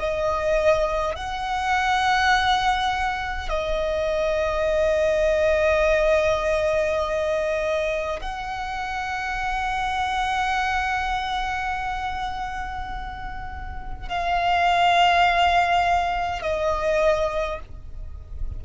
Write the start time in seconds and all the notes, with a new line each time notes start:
0.00 D#5
1.16 F#5
3.50 D#5
8.21 F#5
14.09 F5
16.42 D#5